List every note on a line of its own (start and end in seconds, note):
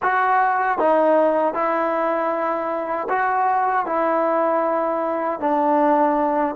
0.02 0.78 F#4
0.78 1.54 D#4
1.54 3.08 E4
3.09 3.86 F#4
3.86 5.40 E4
5.40 6.55 D4